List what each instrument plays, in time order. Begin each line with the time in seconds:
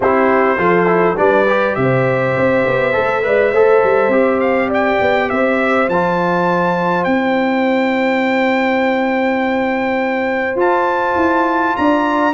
0.00 tuba C4, trombone E4, horn G4, trumpet C5
0.57 tuba F3, trombone F4, horn A4
0.86 trombone E4
1.17 tuba G3, trombone D4, horn B4, trumpet D5
1.48 trombone G4
1.75 tuba C3, horn C5, trumpet E5
2.36 tuba C4
2.66 tuba B3
2.92 tuba A3, trombone A4
3.23 tuba G#3, trombone B4, horn D5
3.52 tuba A3, trombone A4, horn C5
3.83 tuba G3
4.08 tuba C4, trombone G4
4.39 trumpet F5
4.68 horn D5, trumpet G5
5.01 tuba B3
5.29 tuba C4, horn C5, trumpet E5
5.88 tuba F3, trombone F4, trumpet A5
7.04 tuba C4, trombone E4, trumpet G5
10.55 tuba F4, trombone F4, trumpet A5
11.15 tuba E4
11.76 tuba D4, horn D5, trumpet A#5